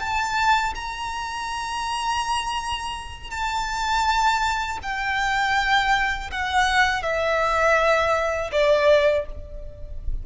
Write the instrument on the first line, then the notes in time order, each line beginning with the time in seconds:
violin
0.00 A5
0.75 A#5
3.31 A5
4.83 G5
6.31 F#5
7.03 E5
8.52 D5